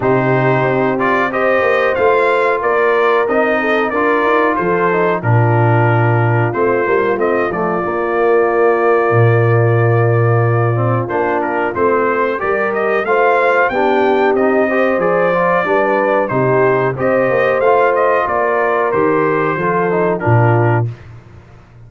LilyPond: <<
  \new Staff \with { instrumentName = "trumpet" } { \time 4/4 \tempo 4 = 92 c''4. d''8 dis''4 f''4 | d''4 dis''4 d''4 c''4 | ais'2 c''4 dis''8 d''8~ | d''1~ |
d''4 c''8 ais'8 c''4 d''8 dis''8 | f''4 g''4 dis''4 d''4~ | d''4 c''4 dis''4 f''8 dis''8 | d''4 c''2 ais'4 | }
  \new Staff \with { instrumentName = "horn" } { \time 4/4 g'2 c''2 | ais'4. a'8 ais'4 a'4 | f'1~ | f'1~ |
f'2. ais'4 | c''4 g'4. c''4. | b'4 g'4 c''2 | ais'2 a'4 f'4 | }
  \new Staff \with { instrumentName = "trombone" } { \time 4/4 dis'4. f'8 g'4 f'4~ | f'4 dis'4 f'4. dis'8 | d'2 c'8 ais8 c'8 a8 | ais1~ |
ais8 c'8 d'4 c'4 g'4 | f'4 d'4 dis'8 g'8 gis'8 f'8 | d'4 dis'4 g'4 f'4~ | f'4 g'4 f'8 dis'8 d'4 | }
  \new Staff \with { instrumentName = "tuba" } { \time 4/4 c4 c'4. ais8 a4 | ais4 c'4 d'8 dis'8 f4 | ais,2 a8 g8 a8 f8 | ais2 ais,2~ |
ais,4 ais4 a4 g4 | a4 b4 c'4 f4 | g4 c4 c'8 ais8 a4 | ais4 dis4 f4 ais,4 | }
>>